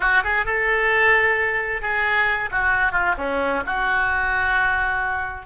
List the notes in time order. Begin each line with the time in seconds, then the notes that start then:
0.00 F#4
0.23 G#4
0.45 A4
1.81 G#4
2.51 F#4
2.92 F4
3.17 C#4
3.66 F#4